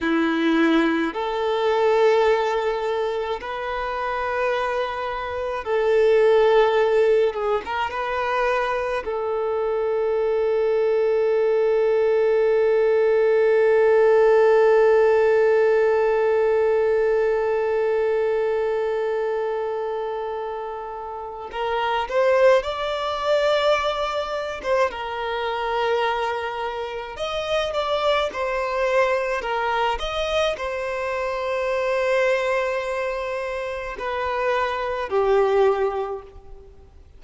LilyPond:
\new Staff \with { instrumentName = "violin" } { \time 4/4 \tempo 4 = 53 e'4 a'2 b'4~ | b'4 a'4. gis'16 ais'16 b'4 | a'1~ | a'1~ |
a'2. ais'8 c''8 | d''4.~ d''16 c''16 ais'2 | dis''8 d''8 c''4 ais'8 dis''8 c''4~ | c''2 b'4 g'4 | }